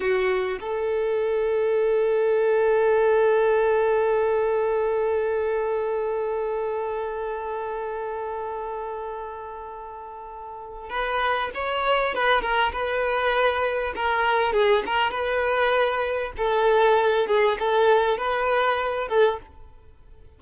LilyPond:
\new Staff \with { instrumentName = "violin" } { \time 4/4 \tempo 4 = 99 fis'4 a'2.~ | a'1~ | a'1~ | a'1~ |
a'2 b'4 cis''4 | b'8 ais'8 b'2 ais'4 | gis'8 ais'8 b'2 a'4~ | a'8 gis'8 a'4 b'4. a'8 | }